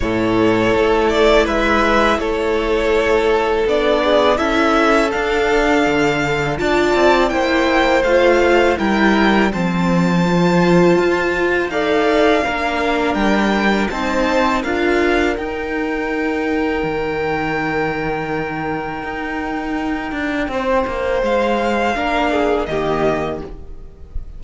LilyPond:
<<
  \new Staff \with { instrumentName = "violin" } { \time 4/4 \tempo 4 = 82 cis''4. d''8 e''4 cis''4~ | cis''4 d''4 e''4 f''4~ | f''4 a''4 g''4 f''4 | g''4 a''2. |
f''2 g''4 a''4 | f''4 g''2.~ | g''1~ | g''4 f''2 dis''4 | }
  \new Staff \with { instrumentName = "violin" } { \time 4/4 a'2 b'4 a'4~ | a'4. gis'8 a'2~ | a'4 d''4 c''2 | ais'4 c''2. |
d''4 ais'2 c''4 | ais'1~ | ais'1 | c''2 ais'8 gis'8 g'4 | }
  \new Staff \with { instrumentName = "viola" } { \time 4/4 e'1~ | e'4 d'4 e'4 d'4~ | d'4 f'4 e'4 f'4 | e'4 c'4 f'2 |
a'4 d'2 dis'4 | f'4 dis'2.~ | dis'1~ | dis'2 d'4 ais4 | }
  \new Staff \with { instrumentName = "cello" } { \time 4/4 a,4 a4 gis4 a4~ | a4 b4 cis'4 d'4 | d4 d'8 c'8 ais4 a4 | g4 f2 f'4 |
dis'4 ais4 g4 c'4 | d'4 dis'2 dis4~ | dis2 dis'4. d'8 | c'8 ais8 gis4 ais4 dis4 | }
>>